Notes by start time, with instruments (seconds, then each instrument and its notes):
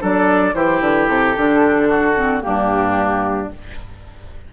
0.00 bassoon F#3, clarinet D4, oboe A4, flute D5
0.54 bassoon E3, clarinet E4, oboe G4, flute C5
0.81 bassoon D3, flute B4
1.08 bassoon C3, flute A4
1.37 bassoon D3, clarinet D4
1.89 oboe F#4
2.16 clarinet C4
2.41 bassoon G2, clarinet A#3, oboe D4, flute G4